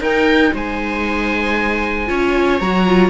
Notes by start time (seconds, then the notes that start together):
0.00 D#4 A#4 G5
0.54 G#3 C5 G#5
2.07 C#4 F4 C#5
2.60 F#3 F#4 A#5
2.87 F4